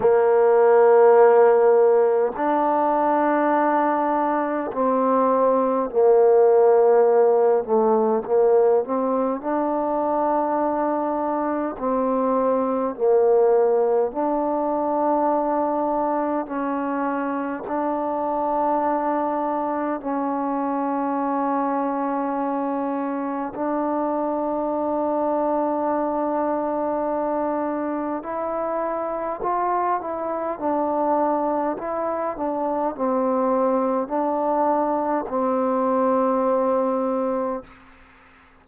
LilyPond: \new Staff \with { instrumentName = "trombone" } { \time 4/4 \tempo 4 = 51 ais2 d'2 | c'4 ais4. a8 ais8 c'8 | d'2 c'4 ais4 | d'2 cis'4 d'4~ |
d'4 cis'2. | d'1 | e'4 f'8 e'8 d'4 e'8 d'8 | c'4 d'4 c'2 | }